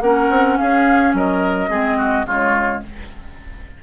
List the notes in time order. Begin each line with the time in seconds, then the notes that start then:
0.00 A#3 C#4 A#4 F#5
0.30 C4
0.57 C#4 G#4 F5
1.13 F#3 A#4 D#5
1.68 G#3 C4 G#4
1.98 F#4
2.25 C#3 G#3 F4 C#5